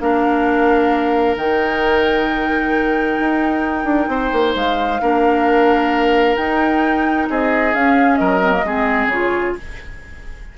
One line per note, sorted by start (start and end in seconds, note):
0.00 1.36 A#3
0.00 1.37 D4
0.00 4.10 A#4
0.00 1.37 F5
1.36 3.18 D#3
1.36 5.01 D#4
1.36 4.55 G5
3.19 3.84 D#4
3.84 4.07 D4
4.08 4.30 C4
4.08 5.01 C5
4.33 4.55 A#3
4.55 5.00 G#3
4.55 6.36 F5
5.01 6.36 A#3
5.01 6.37 D4
5.01 7.29 A#4
6.36 7.27 D#4
6.36 7.74 D#4
6.36 7.27 G5
7.30 7.74 C4
7.30 8.20 G#4
7.30 7.74 D#5
7.74 8.42 C#4
7.74 8.20 C#4
7.74 8.16 F5
8.16 8.63 F#3
8.16 8.65 A#4
8.16 9.07 D#5
8.42 8.52 C4
8.52 8.63 A#3
8.63 9.06 G#3
8.63 9.12 C4
8.63 9.57 G#4
9.06 9.51 C#3
9.06 9.55 C#5
9.12 9.57 F4